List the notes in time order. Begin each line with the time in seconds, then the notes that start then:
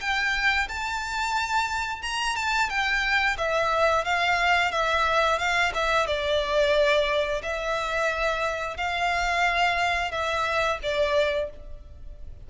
0.00 G5
0.68 A5
2.02 A#5
2.35 A5
2.69 G5
3.37 E5
4.04 F5
4.71 E5
5.38 F5
5.74 E5
6.07 D5
7.42 E5
8.77 F5
10.11 E5
10.82 D5